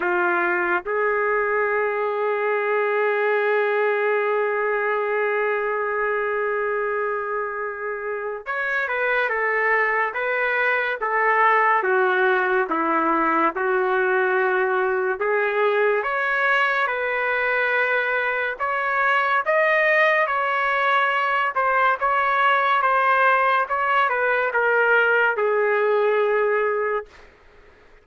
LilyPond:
\new Staff \with { instrumentName = "trumpet" } { \time 4/4 \tempo 4 = 71 f'4 gis'2.~ | gis'1~ | gis'2 cis''8 b'8 a'4 | b'4 a'4 fis'4 e'4 |
fis'2 gis'4 cis''4 | b'2 cis''4 dis''4 | cis''4. c''8 cis''4 c''4 | cis''8 b'8 ais'4 gis'2 | }